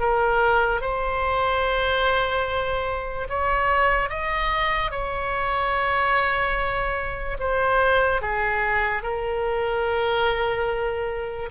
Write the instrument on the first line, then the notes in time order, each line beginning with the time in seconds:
oboe
0.00 A#4
0.81 C5
3.30 C#5
4.10 D#5
4.91 C#5
7.40 C5
8.22 G#4
9.03 A#4